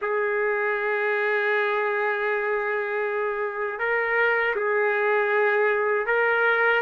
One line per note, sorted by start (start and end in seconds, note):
0.01 3.79 G#4
3.79 4.55 A#4
4.55 6.06 G#4
6.06 6.81 A#4